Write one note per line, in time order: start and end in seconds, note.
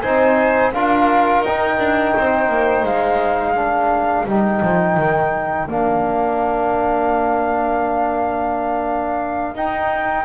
0.00 0.74 C4
0.00 0.73 D#4
0.00 0.72 C5
0.00 0.71 G#5
0.72 1.41 D4
0.72 1.45 F4
0.72 2.15 A#4
0.72 1.43 F5
1.41 1.76 D#4
1.41 2.85 G5
1.47 3.55 D#4
1.78 2.14 D4
2.16 2.49 C4
2.16 3.55 C5
2.49 2.83 A#3
2.83 4.24 G#3
2.83 4.26 F5
3.55 4.26 D4
3.55 10.25 A#4
4.25 4.60 G3
4.25 5.68 D#4
4.25 5.69 G5
4.61 4.96 F3
4.96 5.66 D#3
5.66 9.55 A#3
5.66 9.55 D4
5.66 9.56 F5
9.55 10.25 D#4
9.55 10.25 G5